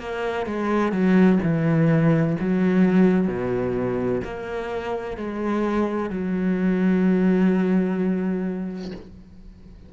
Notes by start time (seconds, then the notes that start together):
0.00 A#3
0.47 G#3
0.92 F#3
1.44 E3
2.40 F#3
3.28 B2
4.24 A#3
5.17 G#3
6.11 F#3